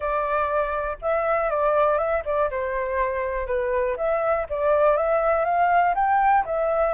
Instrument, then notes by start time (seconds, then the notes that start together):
flute
0.00 D5
1.01 E5
1.50 D5
1.98 E5
2.25 D5
2.50 C5
3.47 B4
3.96 E5
4.49 D5
4.97 E5
5.45 F5
5.95 G5
6.45 E5